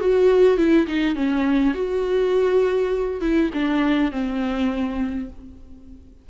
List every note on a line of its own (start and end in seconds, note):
0.00 0.57 F#4
0.57 0.87 E4
0.87 1.15 D#4
1.15 1.74 C#4
1.74 3.21 F#4
3.21 3.51 E4
3.53 4.12 D4
4.12 5.29 C4